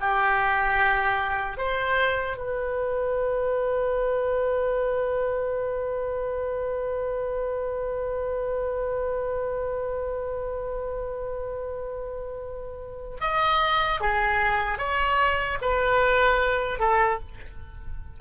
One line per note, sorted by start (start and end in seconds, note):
0.00 1.57 G4
1.57 2.37 C5
2.37 13.17 B4
13.21 14.01 D#5
14.01 14.78 G#4
14.78 15.58 C#5
15.61 16.79 B4
16.79 17.19 A4